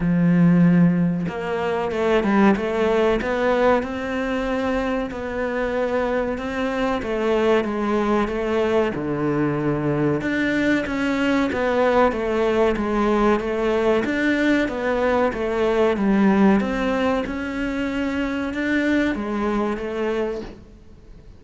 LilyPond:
\new Staff \with { instrumentName = "cello" } { \time 4/4 \tempo 4 = 94 f2 ais4 a8 g8 | a4 b4 c'2 | b2 c'4 a4 | gis4 a4 d2 |
d'4 cis'4 b4 a4 | gis4 a4 d'4 b4 | a4 g4 c'4 cis'4~ | cis'4 d'4 gis4 a4 | }